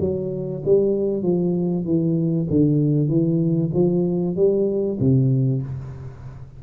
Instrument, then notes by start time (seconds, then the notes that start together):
tuba
0.00 F#3
0.65 G3
1.22 F3
1.85 E3
2.50 D3
3.08 E3
3.74 F3
4.36 G3
5.00 C3